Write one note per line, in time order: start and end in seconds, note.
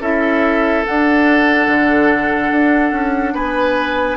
0.00 0.83 C#4
0.00 0.85 E4
0.00 3.34 A4
0.00 0.86 E5
0.86 4.17 D4
0.86 1.68 D4
0.86 3.36 F#5
1.68 2.51 D3
2.52 2.92 D4
2.92 3.34 C#4
3.34 4.17 B3
3.34 4.17 B4
3.34 4.17 G#5